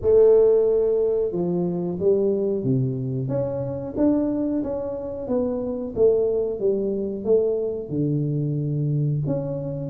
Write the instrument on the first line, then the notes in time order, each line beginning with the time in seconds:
tuba
0.01 A3
1.32 F3
1.99 G3
2.63 C3
3.28 C#4
3.96 D4
4.63 C#4
5.27 B3
5.95 A3
6.59 G3
7.24 A3
7.89 D3
9.26 C#4